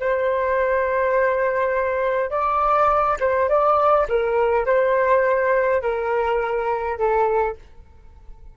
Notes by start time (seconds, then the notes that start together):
0.00 C5
2.31 D5
3.20 C5
3.49 D5
4.09 A#4
4.66 C5
5.82 A#4
6.98 A4